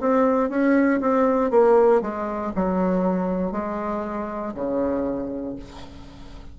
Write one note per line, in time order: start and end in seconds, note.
0.00 0.49 C4
0.49 1.00 C#4
1.00 1.50 C4
1.50 2.01 A#3
2.01 2.52 G#3
2.55 3.52 F#3
3.52 4.53 G#3
4.54 5.56 C#3